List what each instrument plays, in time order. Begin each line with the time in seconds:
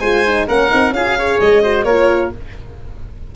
0.00 tuba G#3, horn F4, oboe C5, violin G#5
0.25 horn D#4
0.48 tuba A#3, horn C#4, oboe A#4, violin F#5
0.69 tuba C4, horn D#4
0.91 tuba C#4, horn F4, oboe G#4, violin F5
1.05 horn F#4
1.17 horn G#4, oboe C#5
1.40 tuba G#3, violin D#5
1.63 horn F#4, oboe C5
1.85 tuba A#3, horn F4, oboe A#4, violin C#5